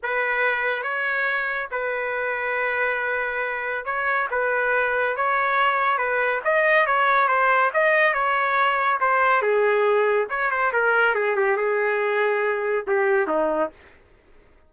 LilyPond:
\new Staff \with { instrumentName = "trumpet" } { \time 4/4 \tempo 4 = 140 b'2 cis''2 | b'1~ | b'4 cis''4 b'2 | cis''2 b'4 dis''4 |
cis''4 c''4 dis''4 cis''4~ | cis''4 c''4 gis'2 | cis''8 c''8 ais'4 gis'8 g'8 gis'4~ | gis'2 g'4 dis'4 | }